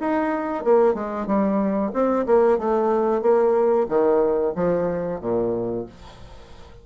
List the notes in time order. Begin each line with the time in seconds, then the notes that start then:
0.00 D#4
0.64 A#3
0.94 G#3
1.26 G3
1.93 C4
2.26 A#3
2.58 A3
3.22 A#3
3.88 D#3
4.55 F3
5.21 A#2